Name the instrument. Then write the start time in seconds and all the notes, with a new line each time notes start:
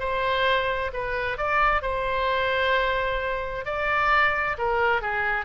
oboe
0.00 C5
0.94 B4
1.38 D5
1.82 C5
3.66 D5
4.58 A#4
5.02 G#4